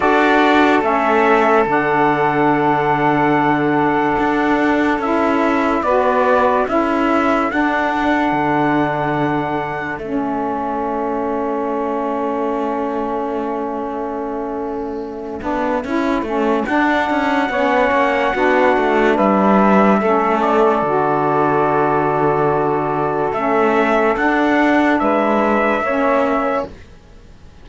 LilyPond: <<
  \new Staff \with { instrumentName = "trumpet" } { \time 4/4 \tempo 4 = 72 d''4 e''4 fis''2~ | fis''2 e''4 d''4 | e''4 fis''2. | e''1~ |
e''1 | fis''2. e''4~ | e''8 d''2.~ d''8 | e''4 fis''4 e''2 | }
  \new Staff \with { instrumentName = "saxophone" } { \time 4/4 a'1~ | a'2. b'4 | a'1~ | a'1~ |
a'1~ | a'4 cis''4 fis'4 b'4 | a'1~ | a'2 b'4 cis''4 | }
  \new Staff \with { instrumentName = "saxophone" } { \time 4/4 fis'4 cis'4 d'2~ | d'2 e'4 fis'4 | e'4 d'2. | cis'1~ |
cis'2~ cis'8 d'8 e'8 cis'8 | d'4 cis'4 d'2 | cis'4 fis'2. | cis'4 d'2 cis'4 | }
  \new Staff \with { instrumentName = "cello" } { \time 4/4 d'4 a4 d2~ | d4 d'4 cis'4 b4 | cis'4 d'4 d2 | a1~ |
a2~ a8 b8 cis'8 a8 | d'8 cis'8 b8 ais8 b8 a8 g4 | a4 d2. | a4 d'4 gis4 ais4 | }
>>